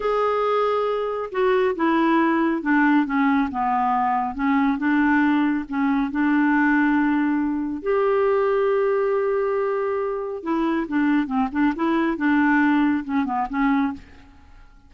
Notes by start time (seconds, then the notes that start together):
0.00 G#4
1.31 F#4
1.75 E4
2.62 D4
3.05 C#4
3.51 B3
4.35 C#4
4.77 D4
5.68 C#4
6.11 D4
7.82 G4
10.43 E4
10.88 D4
11.26 C4
11.52 D4
11.75 E4
12.17 D4
13.04 C#4
13.25 B3
13.49 C#4